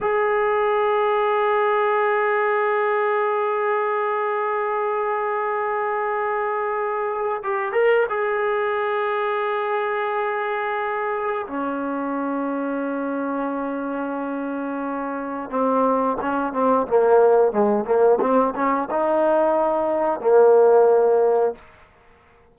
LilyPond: \new Staff \with { instrumentName = "trombone" } { \time 4/4 \tempo 4 = 89 gis'1~ | gis'1~ | gis'2. g'8 ais'8 | gis'1~ |
gis'4 cis'2.~ | cis'2. c'4 | cis'8 c'8 ais4 gis8 ais8 c'8 cis'8 | dis'2 ais2 | }